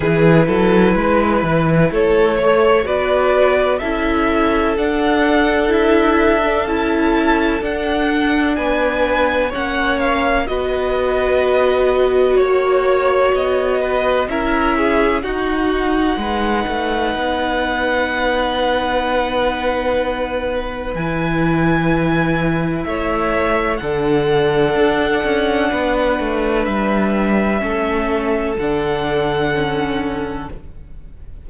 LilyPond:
<<
  \new Staff \with { instrumentName = "violin" } { \time 4/4 \tempo 4 = 63 b'2 cis''4 d''4 | e''4 fis''4 e''4 a''4 | fis''4 gis''4 fis''8 f''8 dis''4~ | dis''4 cis''4 dis''4 e''4 |
fis''1~ | fis''2 gis''2 | e''4 fis''2. | e''2 fis''2 | }
  \new Staff \with { instrumentName = "violin" } { \time 4/4 gis'8 a'8 b'4 a'8 cis''8 b'4 | a'1~ | a'4 b'4 cis''4 b'4~ | b'4 cis''4. b'8 ais'8 gis'8 |
fis'4 b'2.~ | b'1 | cis''4 a'2 b'4~ | b'4 a'2. | }
  \new Staff \with { instrumentName = "viola" } { \time 4/4 e'2~ e'8 a'8 fis'4 | e'4 d'4 e'8. d'16 e'4 | d'2 cis'4 fis'4~ | fis'2. e'4 |
dis'1~ | dis'2 e'2~ | e'4 d'2.~ | d'4 cis'4 d'4 cis'4 | }
  \new Staff \with { instrumentName = "cello" } { \time 4/4 e8 fis8 gis8 e8 a4 b4 | cis'4 d'2 cis'4 | d'4 b4 ais4 b4~ | b4 ais4 b4 cis'4 |
dis'4 gis8 a8 b2~ | b2 e2 | a4 d4 d'8 cis'8 b8 a8 | g4 a4 d2 | }
>>